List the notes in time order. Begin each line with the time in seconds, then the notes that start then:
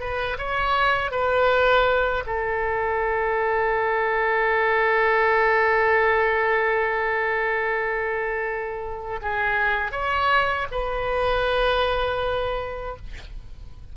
0.00 B4
0.38 C#5
1.11 B4
2.26 A4
9.22 G#4
9.92 C#5
10.71 B4